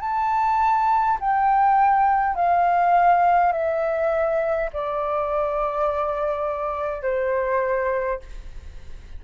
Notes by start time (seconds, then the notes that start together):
0.00 A5
1.20 G5
2.35 F5
3.52 E5
4.73 D5
7.02 C5